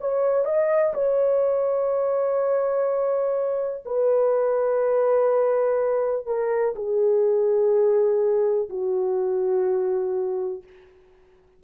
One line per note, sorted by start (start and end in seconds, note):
0.00 0.44 C#5
0.44 0.93 D#5
0.93 3.84 C#5
3.85 6.26 B4
6.26 6.74 A#4
6.75 8.69 G#4
8.69 10.63 F#4